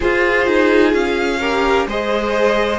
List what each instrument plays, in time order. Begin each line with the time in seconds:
0.00 viola F4, cello F4, violin G#4 C5
0.46 cello D#4
0.93 cello C#4, violin F5
1.39 viola G4, violin A#4
1.86 cello G#3, viola G#4, violin C5 D#5